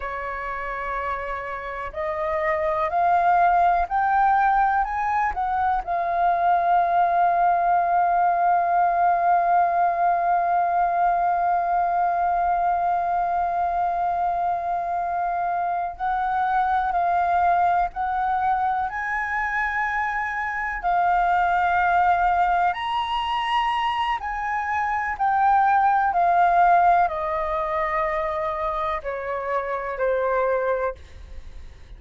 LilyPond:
\new Staff \with { instrumentName = "flute" } { \time 4/4 \tempo 4 = 62 cis''2 dis''4 f''4 | g''4 gis''8 fis''8 f''2~ | f''1~ | f''1~ |
f''8 fis''4 f''4 fis''4 gis''8~ | gis''4. f''2 ais''8~ | ais''4 gis''4 g''4 f''4 | dis''2 cis''4 c''4 | }